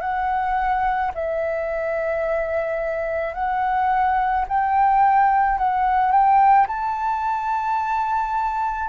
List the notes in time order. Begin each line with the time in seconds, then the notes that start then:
0.00 F#5
1.14 E5
3.34 F#5
4.47 G5
5.58 F#5
6.11 G5
6.67 A5